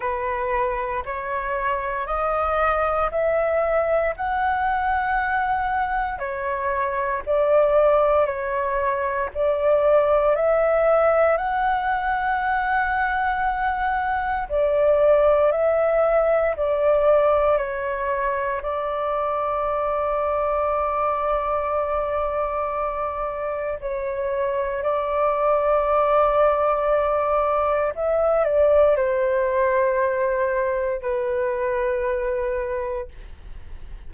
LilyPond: \new Staff \with { instrumentName = "flute" } { \time 4/4 \tempo 4 = 58 b'4 cis''4 dis''4 e''4 | fis''2 cis''4 d''4 | cis''4 d''4 e''4 fis''4~ | fis''2 d''4 e''4 |
d''4 cis''4 d''2~ | d''2. cis''4 | d''2. e''8 d''8 | c''2 b'2 | }